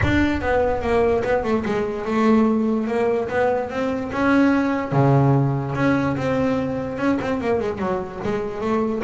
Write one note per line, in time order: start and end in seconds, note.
0.02 0.41 D4
0.41 0.81 B3
0.81 1.23 A#3
1.23 1.43 B3
1.43 1.64 A3
1.65 2.05 G#3
2.05 2.87 A3
2.87 3.28 A#3
3.28 3.69 B3
3.69 4.11 C4
4.12 4.92 C#4
4.92 5.74 C#3
5.75 6.16 C#4
6.16 6.98 C4
6.98 7.18 C#4
7.21 7.40 C4
7.40 7.60 A#3
7.60 7.78 G#3
7.78 8.19 F#3
8.23 8.60 G#3
8.60 9.01 A3